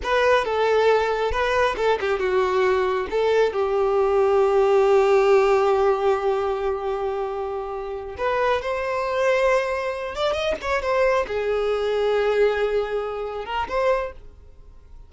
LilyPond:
\new Staff \with { instrumentName = "violin" } { \time 4/4 \tempo 4 = 136 b'4 a'2 b'4 | a'8 g'8 fis'2 a'4 | g'1~ | g'1~ |
g'2~ g'8 b'4 c''8~ | c''2. d''8 dis''8 | cis''8 c''4 gis'2~ gis'8~ | gis'2~ gis'8 ais'8 c''4 | }